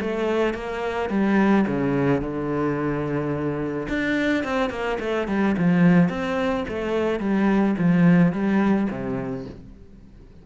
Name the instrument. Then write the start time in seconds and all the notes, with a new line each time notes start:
cello
0.00 A3
0.54 A#3
1.09 G3
1.67 C#3
2.21 D3
3.88 D4
4.44 C4
4.70 A#3
4.99 A3
5.28 G3
5.57 F3
6.09 C4
6.68 A3
7.19 G3
7.78 F3
8.32 G3
8.90 C3